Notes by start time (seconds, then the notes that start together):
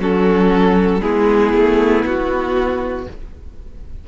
0.00 F#3 C#4 F#4 A4
1.01 G#3 B3 E4 G#4
1.54 A3
2.05 B3 F#4